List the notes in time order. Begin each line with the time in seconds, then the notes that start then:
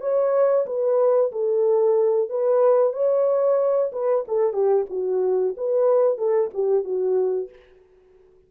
0.00 C#5
0.66 B4
1.32 A4
2.29 B4
2.93 C#5
3.92 B4
4.27 A4
4.53 G4
4.89 F#4
5.57 B4
6.17 A4
6.53 G4
6.84 F#4